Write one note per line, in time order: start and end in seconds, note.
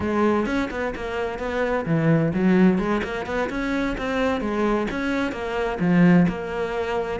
0.00 0.45 G#3
0.45 0.69 C#4
0.71 0.94 B3
0.95 1.38 A#3
1.38 1.85 B3
1.85 2.32 E3
2.34 2.78 F#3
2.78 3.01 G#3
3.03 3.26 A#3
3.26 3.49 B3
3.49 3.96 C#4
3.97 4.40 C4
4.40 4.87 G#3
4.90 5.31 C#4
5.31 5.78 A#3
5.79 6.26 F3
6.28 7.20 A#3